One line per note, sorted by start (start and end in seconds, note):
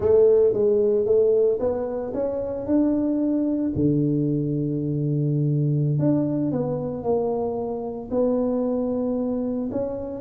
0.00 0.53 A3
0.53 1.05 G#3
1.05 1.58 A3
1.59 2.12 B3
2.13 2.66 C#4
2.66 3.72 D4
3.75 5.98 D3
5.98 6.51 D4
6.51 7.03 B3
7.03 8.09 A#3
8.10 9.70 B3
9.71 10.21 C#4